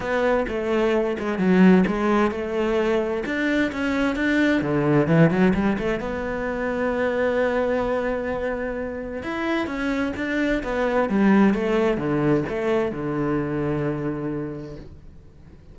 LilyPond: \new Staff \with { instrumentName = "cello" } { \time 4/4 \tempo 4 = 130 b4 a4. gis8 fis4 | gis4 a2 d'4 | cis'4 d'4 d4 e8 fis8 | g8 a8 b2.~ |
b1 | e'4 cis'4 d'4 b4 | g4 a4 d4 a4 | d1 | }